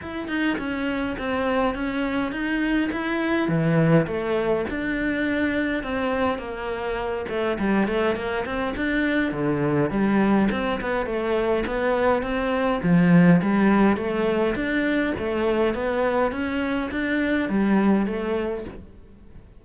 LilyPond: \new Staff \with { instrumentName = "cello" } { \time 4/4 \tempo 4 = 103 e'8 dis'8 cis'4 c'4 cis'4 | dis'4 e'4 e4 a4 | d'2 c'4 ais4~ | ais8 a8 g8 a8 ais8 c'8 d'4 |
d4 g4 c'8 b8 a4 | b4 c'4 f4 g4 | a4 d'4 a4 b4 | cis'4 d'4 g4 a4 | }